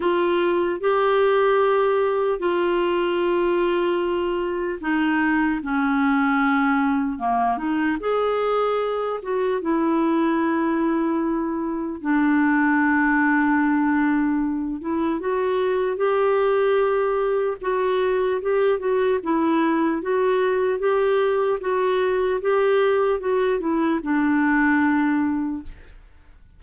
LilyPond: \new Staff \with { instrumentName = "clarinet" } { \time 4/4 \tempo 4 = 75 f'4 g'2 f'4~ | f'2 dis'4 cis'4~ | cis'4 ais8 dis'8 gis'4. fis'8 | e'2. d'4~ |
d'2~ d'8 e'8 fis'4 | g'2 fis'4 g'8 fis'8 | e'4 fis'4 g'4 fis'4 | g'4 fis'8 e'8 d'2 | }